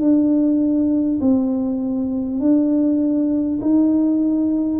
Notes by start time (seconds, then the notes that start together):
0.00 D4
1.21 C4
2.39 D4
3.61 D#4